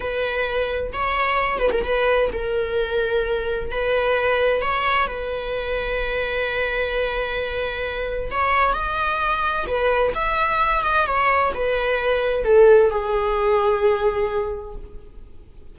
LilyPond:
\new Staff \with { instrumentName = "viola" } { \time 4/4 \tempo 4 = 130 b'2 cis''4. b'16 ais'16 | b'4 ais'2. | b'2 cis''4 b'4~ | b'1~ |
b'2 cis''4 dis''4~ | dis''4 b'4 e''4. dis''8 | cis''4 b'2 a'4 | gis'1 | }